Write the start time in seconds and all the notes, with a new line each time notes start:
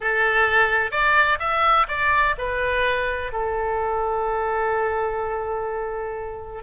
0.00 A4
0.91 D5
1.39 E5
1.88 D5
2.38 B4
3.32 A4